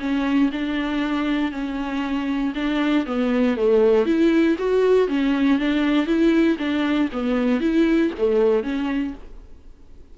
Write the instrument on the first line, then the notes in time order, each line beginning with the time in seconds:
viola
0.00 C#4
0.52 D4
1.52 C#4
2.55 D4
3.06 B3
3.57 A3
4.06 E4
4.59 F#4
5.08 C#4
5.59 D4
6.07 E4
6.59 D4
7.13 B3
7.61 E4
8.19 A3
8.63 C#4